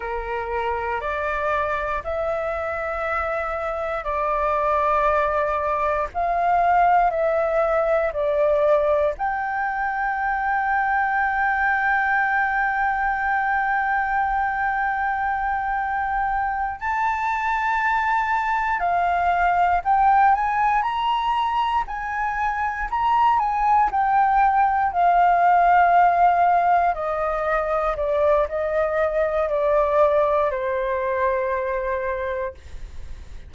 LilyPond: \new Staff \with { instrumentName = "flute" } { \time 4/4 \tempo 4 = 59 ais'4 d''4 e''2 | d''2 f''4 e''4 | d''4 g''2.~ | g''1~ |
g''8 a''2 f''4 g''8 | gis''8 ais''4 gis''4 ais''8 gis''8 g''8~ | g''8 f''2 dis''4 d''8 | dis''4 d''4 c''2 | }